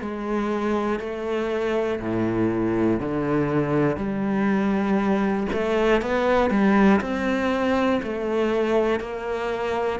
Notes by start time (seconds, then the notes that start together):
0.00 G#3
1.00 A3
2.00 A2
3.00 D3
3.96 G3
5.52 A3
6.01 B3
6.50 G3
7.00 C4
8.03 A3
9.00 A#3